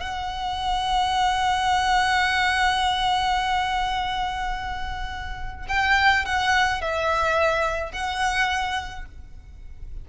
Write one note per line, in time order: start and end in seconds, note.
0.00 5.66 F#5
5.68 6.25 G5
6.25 6.81 F#5
6.81 7.92 E5
7.92 9.05 F#5